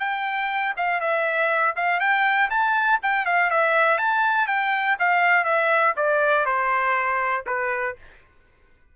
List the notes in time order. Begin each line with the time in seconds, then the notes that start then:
0.00 G5
0.78 F5
1.01 E5
1.76 F5
2.00 G5
2.50 A5
3.03 G5
3.26 F5
3.51 E5
3.99 A5
4.48 G5
4.99 F5
5.45 E5
5.97 D5
6.46 C5
7.47 B4